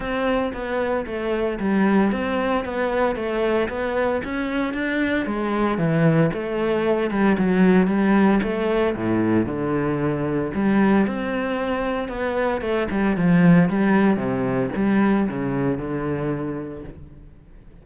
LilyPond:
\new Staff \with { instrumentName = "cello" } { \time 4/4 \tempo 4 = 114 c'4 b4 a4 g4 | c'4 b4 a4 b4 | cis'4 d'4 gis4 e4 | a4. g8 fis4 g4 |
a4 a,4 d2 | g4 c'2 b4 | a8 g8 f4 g4 c4 | g4 cis4 d2 | }